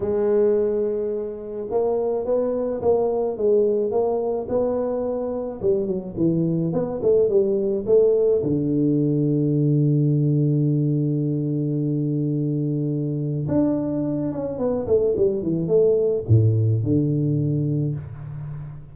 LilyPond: \new Staff \with { instrumentName = "tuba" } { \time 4/4 \tempo 4 = 107 gis2. ais4 | b4 ais4 gis4 ais4 | b2 g8 fis8 e4 | b8 a8 g4 a4 d4~ |
d1~ | d1 | d'4. cis'8 b8 a8 g8 e8 | a4 a,4 d2 | }